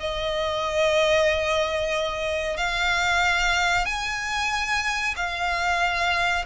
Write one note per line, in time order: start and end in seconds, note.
0.00 2.57 D#5
2.57 3.86 F5
3.86 5.15 G#5
5.16 6.45 F5